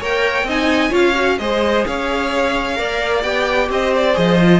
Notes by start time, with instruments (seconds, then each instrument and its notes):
0.00 cello A#3, viola A#4, violin C#5 G5
0.43 cello C4, viola D#4, violin D#5
0.50 violin G#5
0.90 cello C#4, viola F4, violin C#5 F5
1.14 viola F#4
1.38 cello G#3, viola G#4, violin C5 D#5
1.86 cello C#4, violin C#5 F5
2.75 cello A#3, viola A#4, violin D5
3.22 cello B3, viola G4, violin G5
3.69 cello C4, violin C5 D#5
3.95 violin D5
4.13 cello F3, viola G#4, violin D#5
4.40 viola F4